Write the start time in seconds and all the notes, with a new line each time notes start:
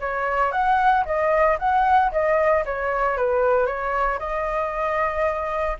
0.00 C#5
0.51 F#5
1.05 D#5
1.59 F#5
2.11 D#5
2.65 C#5
3.17 B4
3.66 C#5
4.19 D#5